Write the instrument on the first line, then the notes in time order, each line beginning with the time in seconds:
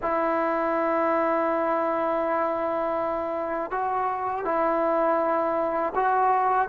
trombone
0.02 E4
3.70 F#4
4.44 E4
5.95 F#4